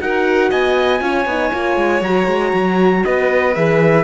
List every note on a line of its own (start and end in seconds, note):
0.00 0.51 D#4
0.00 1.00 F#4
0.00 0.50 A#4
0.00 0.51 F#5
0.50 1.01 B3
0.50 1.01 D#5
0.50 2.03 G#5
1.00 1.26 C#4
1.00 1.26 F4
1.00 3.05 C#5
1.26 1.51 B3
1.26 1.51 D#4
1.51 1.76 A#3
1.51 2.02 F4
1.76 2.01 G#3
2.01 2.27 F#3
2.01 3.56 F#4
2.01 3.05 A#5
2.27 2.53 G#3
2.53 3.04 F#3
3.05 3.56 B3
3.05 4.04 B4
3.05 3.54 D#5
3.54 4.04 E3
3.54 4.04 G#4
3.54 4.04 E5